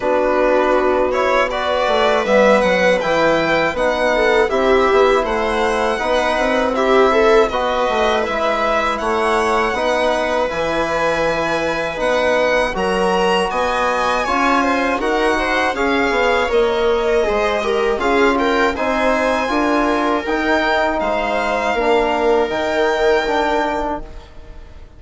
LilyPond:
<<
  \new Staff \with { instrumentName = "violin" } { \time 4/4 \tempo 4 = 80 b'4. cis''8 d''4 e''8 fis''8 | g''4 fis''4 e''4 fis''4~ | fis''4 e''4 dis''4 e''4 | fis''2 gis''2 |
fis''4 ais''4 gis''2 | fis''4 f''4 dis''2 | f''8 g''8 gis''2 g''4 | f''2 g''2 | }
  \new Staff \with { instrumentName = "viola" } { \time 4/4 fis'2 b'2~ | b'4. a'8 g'4 c''4 | b'4 g'8 a'8 b'2 | cis''4 b'2.~ |
b'4 ais'4 dis''4 cis''8 c''8 | ais'8 c''8 cis''2 c''8 ais'8 | gis'8 ais'8 c''4 ais'2 | c''4 ais'2. | }
  \new Staff \with { instrumentName = "trombone" } { \time 4/4 d'4. e'8 fis'4 b4 | e'4 dis'4 e'2 | dis'4 e'4 fis'4 e'4~ | e'4 dis'4 e'2 |
dis'4 fis'2 f'4 | fis'4 gis'4 ais'4 gis'8 g'8 | f'4 dis'4 f'4 dis'4~ | dis'4 d'4 dis'4 d'4 | }
  \new Staff \with { instrumentName = "bassoon" } { \time 4/4 b2~ b8 a8 g8 fis8 | e4 b4 c'8 b8 a4 | b8 c'4. b8 a8 gis4 | a4 b4 e2 |
b4 fis4 b4 cis'4 | dis'4 cis'8 b8 ais4 gis4 | cis'4 c'4 d'4 dis'4 | gis4 ais4 dis2 | }
>>